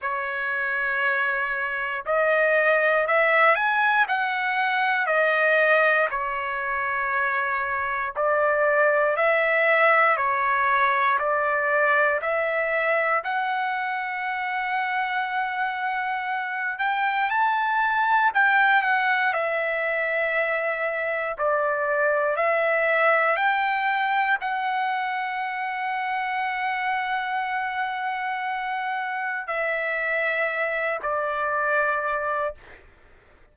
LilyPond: \new Staff \with { instrumentName = "trumpet" } { \time 4/4 \tempo 4 = 59 cis''2 dis''4 e''8 gis''8 | fis''4 dis''4 cis''2 | d''4 e''4 cis''4 d''4 | e''4 fis''2.~ |
fis''8 g''8 a''4 g''8 fis''8 e''4~ | e''4 d''4 e''4 g''4 | fis''1~ | fis''4 e''4. d''4. | }